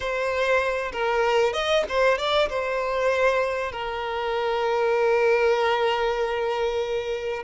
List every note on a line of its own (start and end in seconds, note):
0.00 0.92 C5
0.92 1.53 A#4
1.53 1.84 D#5
1.88 2.18 C5
2.18 2.49 D5
2.49 3.71 C5
3.71 7.43 A#4